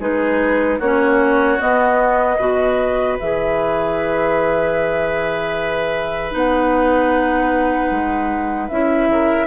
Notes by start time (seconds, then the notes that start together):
0.00 G#3 D#4 G#4 B4
0.79 A#3 C#4 F#4 C#5
1.59 B3 D#5
2.37 B2 F#4 B4
3.18 E3 G#4 E5
6.32 B3 D#4 F#5
7.91 G#3
8.69 C#4 E4 E5
9.08 C#3 A#4